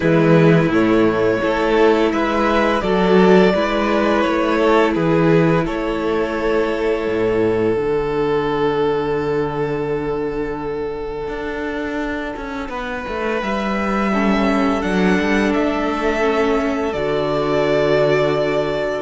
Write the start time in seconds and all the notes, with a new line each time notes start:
0.00 E3 G#3 E4 B4
0.67 A2 A3 C#5
1.40 A3 E4 A4
2.11 G#3 B4 E5
2.81 F#3 F#4 A4 D5
3.54 G#3 E4 B4
4.21 A3 C#5
4.57 A4
4.93 E3 G#4 B4
5.64 A3 A4 C#5
7.07 A2
7.75 D3 D4 F#5
11.28 D4
12.36 C#4
12.68 B3 B4
13.08 A3
13.42 G3 E5
14.13 C#4 A4
14.81 F#3 D4 F#5
15.19 G3
15.53 A3 E5
16.20 C#4
16.92 D3 F#4 D5